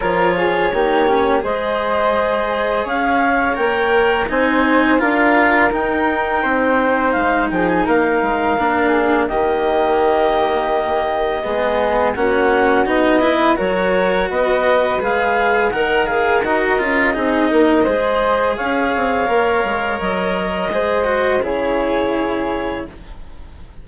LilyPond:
<<
  \new Staff \with { instrumentName = "clarinet" } { \time 4/4 \tempo 4 = 84 cis''2 dis''2 | f''4 g''4 gis''4 f''4 | g''2 f''8 g''16 gis''16 f''4~ | f''4 dis''2.~ |
dis''4 fis''4 dis''4 cis''4 | dis''4 f''4 fis''8 f''8 dis''4~ | dis''2 f''2 | dis''2 cis''2 | }
  \new Staff \with { instrumentName = "flute" } { \time 4/4 ais'8 gis'8 g'4 c''2 | cis''2 c''4 ais'4~ | ais'4 c''4. gis'8 ais'4~ | ais'8 gis'8 g'2. |
gis'4 fis'4. b'8 ais'4 | b'2 ais'2 | gis'8 ais'8 c''4 cis''2~ | cis''4 c''4 gis'2 | }
  \new Staff \with { instrumentName = "cello" } { \time 4/4 f'4 dis'8 cis'8 gis'2~ | gis'4 ais'4 dis'4 f'4 | dis'1 | d'4 ais2. |
b4 cis'4 dis'8 e'8 fis'4~ | fis'4 gis'4 ais'8 gis'8 fis'8 f'8 | dis'4 gis'2 ais'4~ | ais'4 gis'8 fis'8 e'2 | }
  \new Staff \with { instrumentName = "bassoon" } { \time 4/4 f4 ais4 gis2 | cis'4 ais4 c'4 d'4 | dis'4 c'4 gis8 f8 ais8 gis8 | ais4 dis2. |
gis4 ais4 b4 fis4 | b4 gis4 dis4 dis'8 cis'8 | c'8 ais8 gis4 cis'8 c'8 ais8 gis8 | fis4 gis4 cis2 | }
>>